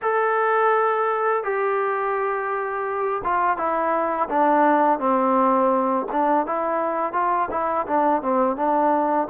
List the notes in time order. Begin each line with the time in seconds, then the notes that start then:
0.02 A4
1.43 G4
3.23 F4
3.57 E4
4.29 D4
4.99 C4
6.12 D4
6.46 E4
7.12 F4
7.50 E4
7.87 D4
8.21 C4
8.56 D4